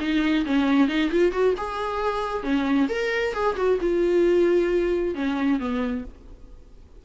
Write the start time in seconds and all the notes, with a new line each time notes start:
0.00 D#4
0.46 C#4
0.88 D#4
1.11 F4
1.32 F#4
1.57 G#4
2.43 C#4
2.89 A#4
3.34 G#4
3.56 F#4
3.81 F4
5.15 C#4
5.59 B3